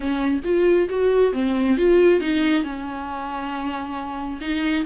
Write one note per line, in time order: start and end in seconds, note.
0.00 0.40 C#4
0.44 0.88 F4
0.89 1.32 F#4
1.32 1.76 C4
1.76 2.20 F4
2.20 2.63 D#4
2.63 4.40 C#4
4.40 4.84 D#4